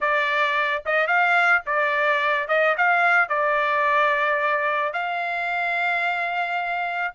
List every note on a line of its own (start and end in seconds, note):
0.00 0.83 D5
0.85 1.07 D#5
1.07 1.62 F5
1.66 2.48 D5
2.48 2.75 D#5
2.77 3.29 F5
3.29 4.93 D5
4.93 7.13 F5